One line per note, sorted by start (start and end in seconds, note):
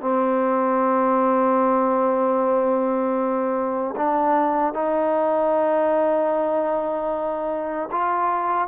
0.00 3.95 C4
3.96 4.73 D4
4.73 7.89 D#4
7.91 8.67 F4